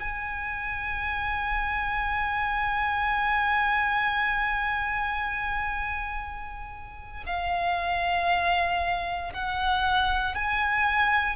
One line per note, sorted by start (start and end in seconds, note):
0.00 7.24 G#5
7.26 9.33 F5
9.33 10.35 F#5
10.35 11.37 G#5